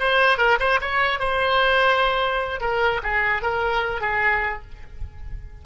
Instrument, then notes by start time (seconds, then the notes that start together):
oboe
0.00 C5
0.38 A#4
0.60 C5
0.81 C#5
1.20 C5
2.61 A#4
3.03 G#4
3.43 A#4
4.01 G#4